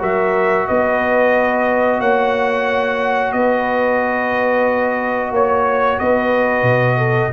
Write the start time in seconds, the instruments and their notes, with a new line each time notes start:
0.00 tuba F#3, trombone F#4, horn A#4, trumpet E5
0.68 tuba B3, horn B4, trumpet D#5
2.00 tuba A#3, horn C#5, trumpet F#5
3.32 tuba B3, horn B4, trumpet D#5
5.32 tuba A#3, horn C#5, trumpet C#5
5.99 tuba B3, horn B4, trumpet D#5
6.63 tuba B2
6.98 horn A4